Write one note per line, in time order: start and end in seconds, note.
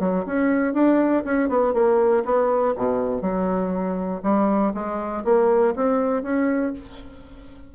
0.00 0.25 F#3
0.27 0.74 C#4
0.74 1.24 D4
1.25 1.49 C#4
1.49 1.74 B3
1.74 2.24 A#3
2.25 2.75 B3
2.76 3.22 B2
3.22 4.22 F#3
4.23 4.73 G3
4.75 5.25 G#3
5.25 5.75 A#3
5.76 6.23 C4
6.23 6.73 C#4